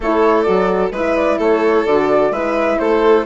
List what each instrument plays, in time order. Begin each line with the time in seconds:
0.00 bassoon A3, horn E4, violin A4, flute C#5
0.42 bassoon F#3, horn F#4, flute D5
0.91 bassoon G#3, horn E4, violin B4, flute E5
1.16 flute D5
1.38 bassoon A3, violin A4, flute C#5
1.86 bassoon D3, horn F#4, flute D5
2.30 bassoon G#3, horn E4, violin B4, flute E5
2.78 bassoon A3, violin A4, flute C5